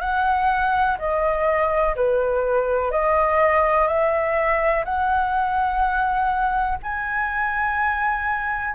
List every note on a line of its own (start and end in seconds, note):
0.00 0.97 F#5
0.99 1.95 D#5
1.95 2.91 B4
2.91 3.88 D#5
3.88 4.84 E5
4.85 6.78 F#5
6.83 8.74 G#5